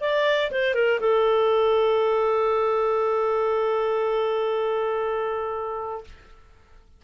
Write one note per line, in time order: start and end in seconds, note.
0.00 0.50 D5
0.51 0.74 C5
0.74 0.99 A#4
0.99 6.04 A4